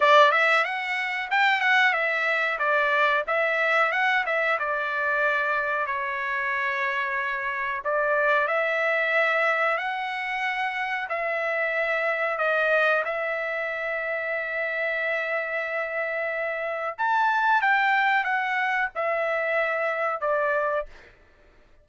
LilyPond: \new Staff \with { instrumentName = "trumpet" } { \time 4/4 \tempo 4 = 92 d''8 e''8 fis''4 g''8 fis''8 e''4 | d''4 e''4 fis''8 e''8 d''4~ | d''4 cis''2. | d''4 e''2 fis''4~ |
fis''4 e''2 dis''4 | e''1~ | e''2 a''4 g''4 | fis''4 e''2 d''4 | }